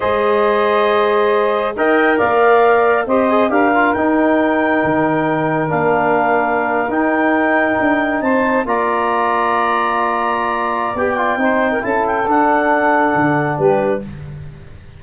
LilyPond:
<<
  \new Staff \with { instrumentName = "clarinet" } { \time 4/4 \tempo 4 = 137 dis''1 | g''4 f''2 dis''4 | f''4 g''2.~ | g''4 f''2~ f''8. g''16~ |
g''2~ g''8. a''4 ais''16~ | ais''1~ | ais''4 g''2 a''8 g''8 | fis''2. b'4 | }
  \new Staff \with { instrumentName = "saxophone" } { \time 4/4 c''1 | dis''4 d''2 c''4 | ais'1~ | ais'1~ |
ais'2~ ais'8. c''4 d''16~ | d''1~ | d''2 c''8. ais'16 a'4~ | a'2. g'4 | }
  \new Staff \with { instrumentName = "trombone" } { \time 4/4 gis'1 | ais'2. g'8 gis'8 | g'8 f'8 dis'2.~ | dis'4 d'2~ d'8. dis'16~ |
dis'2.~ dis'8. f'16~ | f'1~ | f'4 g'8 f'8 dis'4 e'4 | d'1 | }
  \new Staff \with { instrumentName = "tuba" } { \time 4/4 gis1 | dis'4 ais2 c'4 | d'4 dis'2 dis4~ | dis4 ais2~ ais8. dis'16~ |
dis'4.~ dis'16 d'4 c'4 ais16~ | ais1~ | ais4 b4 c'4 cis'4 | d'2 d4 g4 | }
>>